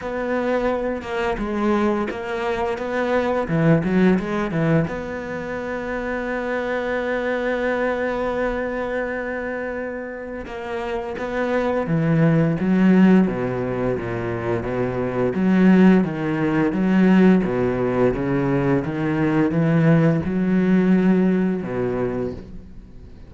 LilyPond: \new Staff \with { instrumentName = "cello" } { \time 4/4 \tempo 4 = 86 b4. ais8 gis4 ais4 | b4 e8 fis8 gis8 e8 b4~ | b1~ | b2. ais4 |
b4 e4 fis4 b,4 | ais,4 b,4 fis4 dis4 | fis4 b,4 cis4 dis4 | e4 fis2 b,4 | }